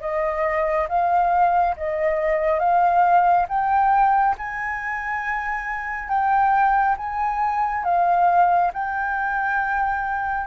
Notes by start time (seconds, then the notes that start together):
0.00 D#5
0.88 F5
1.76 D#5
2.59 F5
3.48 G5
4.38 G#5
6.08 G5
6.97 G#5
7.84 F5
8.73 G5